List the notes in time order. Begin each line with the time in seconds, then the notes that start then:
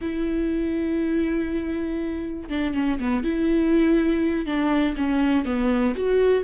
0.01 E4
2.49 D4
2.74 C#4
2.99 B3
3.23 E4
4.46 D4
4.96 C#4
5.45 B3
5.95 F#4